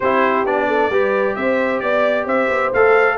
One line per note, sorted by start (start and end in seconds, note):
0.00 0.45 C4
0.00 0.46 E4
0.00 0.67 G4
0.00 0.45 C5
0.45 0.89 B3
0.45 0.91 D4
0.45 1.35 D5
0.67 0.90 A4
0.89 1.35 G3
0.89 2.73 G4
0.89 1.35 B4
1.35 1.81 C4
1.35 1.82 C5
1.35 1.80 E5
1.80 2.25 B3
1.80 2.25 D5
1.80 2.24 D5
2.24 2.48 C4
2.24 3.15 C5
2.24 2.73 E5
2.49 2.71 B3
2.73 3.17 A3
2.73 3.17 A4
2.73 3.17 F5